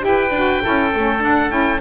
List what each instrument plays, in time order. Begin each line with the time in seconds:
0.00 double bass E4, saxophone G4, oboe G5
0.08 oboe B4
0.30 double bass D4, saxophone F#4
0.62 double bass C#4, saxophone E4, oboe A4
0.94 double bass A3, saxophone C#4
1.19 saxophone D4, double bass D4, oboe F#5
1.49 double bass C#4, saxophone E4, oboe G5